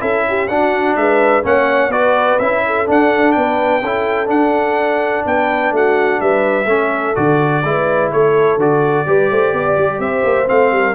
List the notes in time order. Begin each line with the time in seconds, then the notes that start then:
0.00 C#4 E4 A4 E5
0.28 G4
0.48 D4 F#4 F#5
0.96 G#3 B4 E5
1.43 A#3 C#4 C#5 F#5
1.89 B3 F#4 B4 D5
2.39 C#4 E4 E5
2.66 A4
2.86 D4 F#5
3.32 B3 B4 G5
3.82 C#4 E4 A4
4.26 D4 F#5
5.26 B3 B4 G5
5.72 A3 F#4 F#5
6.21 G3 B4 E5
6.66 A3 C#4 A4
7.16 D3 F#4 D5
7.63 G#3 E4 B4
8.12 A3 A4 C#5
8.57 D3 F#4 D5
9.06 G3 G4 B4
9.31 A3 C5
9.53 B3 D5
9.78 G3
9.99 C4 C5 E5
10.25 A#3
10.46 A3 C4 F5
10.71 G3 A#4